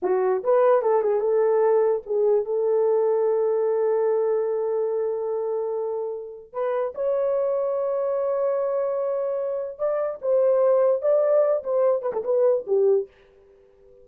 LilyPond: \new Staff \with { instrumentName = "horn" } { \time 4/4 \tempo 4 = 147 fis'4 b'4 a'8 gis'8 a'4~ | a'4 gis'4 a'2~ | a'1~ | a'1 |
b'4 cis''2.~ | cis''1 | d''4 c''2 d''4~ | d''8 c''4 b'16 a'16 b'4 g'4 | }